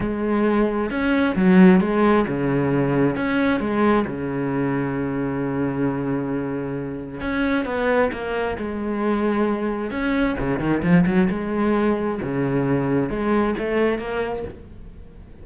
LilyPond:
\new Staff \with { instrumentName = "cello" } { \time 4/4 \tempo 4 = 133 gis2 cis'4 fis4 | gis4 cis2 cis'4 | gis4 cis2.~ | cis1 |
cis'4 b4 ais4 gis4~ | gis2 cis'4 cis8 dis8 | f8 fis8 gis2 cis4~ | cis4 gis4 a4 ais4 | }